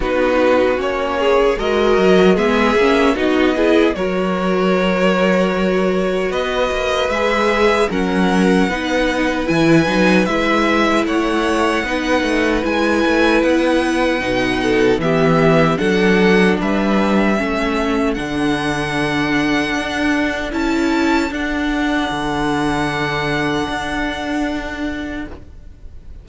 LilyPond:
<<
  \new Staff \with { instrumentName = "violin" } { \time 4/4 \tempo 4 = 76 b'4 cis''4 dis''4 e''4 | dis''4 cis''2. | dis''4 e''4 fis''2 | gis''4 e''4 fis''2 |
gis''4 fis''2 e''4 | fis''4 e''2 fis''4~ | fis''2 a''4 fis''4~ | fis''1 | }
  \new Staff \with { instrumentName = "violin" } { \time 4/4 fis'4. gis'8 ais'4 gis'4 | fis'8 gis'8 ais'2. | b'2 ais'4 b'4~ | b'2 cis''4 b'4~ |
b'2~ b'8 a'8 g'4 | a'4 b'4 a'2~ | a'1~ | a'1 | }
  \new Staff \with { instrumentName = "viola" } { \time 4/4 dis'4 cis'4 fis'4 b8 cis'8 | dis'8 e'8 fis'2.~ | fis'4 gis'4 cis'4 dis'4 | e'8 dis'8 e'2 dis'4 |
e'2 dis'4 b4 | d'2 cis'4 d'4~ | d'2 e'4 d'4~ | d'1 | }
  \new Staff \with { instrumentName = "cello" } { \time 4/4 b4 ais4 gis8 fis8 gis8 ais8 | b4 fis2. | b8 ais8 gis4 fis4 b4 | e8 fis8 gis4 a4 b8 a8 |
gis8 a8 b4 b,4 e4 | fis4 g4 a4 d4~ | d4 d'4 cis'4 d'4 | d2 d'2 | }
>>